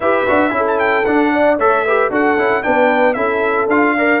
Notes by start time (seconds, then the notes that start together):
0.00 E4 G4 B4 E5
0.27 D4 F#4
0.50 C#4 E4
0.56 A4
0.67 A5
0.79 G5
1.05 D4 F#5
1.33 D5
1.58 A3 A4 C#5 E5
1.84 G4 B4
2.10 D4 F#4 A4 F#5
2.37 C#4 E4
2.62 B3 D4 B4 G5
3.13 C#4 E4 A4 E5
3.67 D4 F4 F5
3.97 A#4 D5